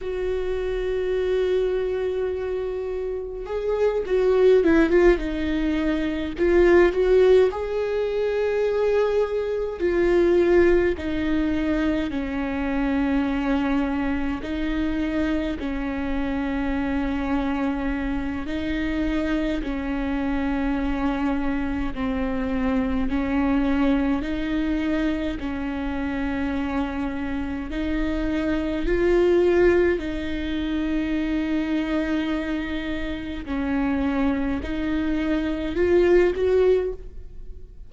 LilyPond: \new Staff \with { instrumentName = "viola" } { \time 4/4 \tempo 4 = 52 fis'2. gis'8 fis'8 | e'16 f'16 dis'4 f'8 fis'8 gis'4.~ | gis'8 f'4 dis'4 cis'4.~ | cis'8 dis'4 cis'2~ cis'8 |
dis'4 cis'2 c'4 | cis'4 dis'4 cis'2 | dis'4 f'4 dis'2~ | dis'4 cis'4 dis'4 f'8 fis'8 | }